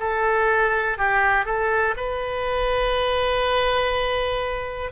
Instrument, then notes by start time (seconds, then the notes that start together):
oboe
0.00 A4
0.98 G4
1.45 A4
1.97 B4